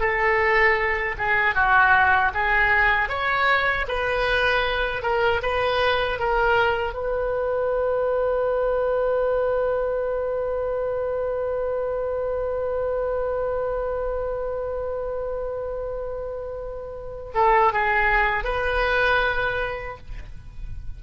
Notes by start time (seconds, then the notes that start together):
0.00 A4
1.18 G#4
1.55 F#4
2.34 G#4
3.09 C#5
3.88 B4
5.03 A#4
5.43 B4
6.19 A#4
6.94 B4
17.35 A4
17.73 G#4
18.44 B4